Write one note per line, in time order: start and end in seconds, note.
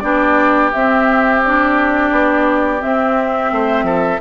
0.00 0.72 B3
0.00 0.72 D4
0.00 3.52 G4
0.00 0.70 D5
0.72 2.11 C4
0.72 1.45 C4
0.72 1.42 E5
1.44 2.79 D4
1.44 2.81 D5
2.11 2.81 B3
2.79 4.19 C4
2.79 3.52 C4
2.79 4.21 E5
3.52 3.83 A3
3.52 3.85 C5
3.83 4.18 F3
3.83 4.20 A4